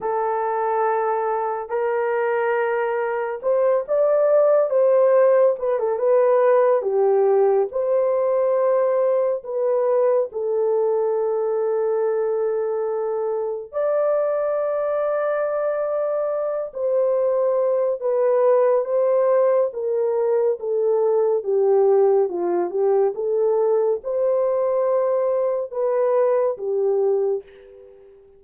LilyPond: \new Staff \with { instrumentName = "horn" } { \time 4/4 \tempo 4 = 70 a'2 ais'2 | c''8 d''4 c''4 b'16 a'16 b'4 | g'4 c''2 b'4 | a'1 |
d''2.~ d''8 c''8~ | c''4 b'4 c''4 ais'4 | a'4 g'4 f'8 g'8 a'4 | c''2 b'4 g'4 | }